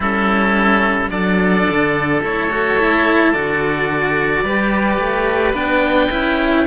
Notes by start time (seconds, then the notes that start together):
0.00 G3 C#4 E4 A4
1.09 F#3 D4 A4 D5
1.70 D3
2.22 A3 E4 C#5
2.50 F#4
2.78 E4
3.32 D3 F#4 D5
4.42 G3 G4 B4
4.98 A3
5.53 B3 D4 G5
6.10 C#4 E4